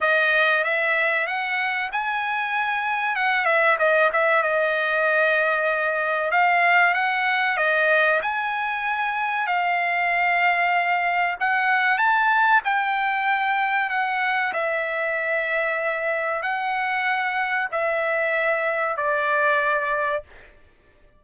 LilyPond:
\new Staff \with { instrumentName = "trumpet" } { \time 4/4 \tempo 4 = 95 dis''4 e''4 fis''4 gis''4~ | gis''4 fis''8 e''8 dis''8 e''8 dis''4~ | dis''2 f''4 fis''4 | dis''4 gis''2 f''4~ |
f''2 fis''4 a''4 | g''2 fis''4 e''4~ | e''2 fis''2 | e''2 d''2 | }